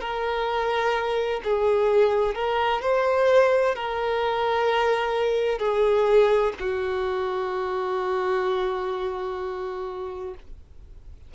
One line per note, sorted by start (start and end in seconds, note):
0.00 1.41 A#4
1.44 2.35 G#4
2.35 2.81 A#4
2.81 3.75 C5
3.75 5.59 A#4
5.59 6.52 G#4
6.59 10.34 F#4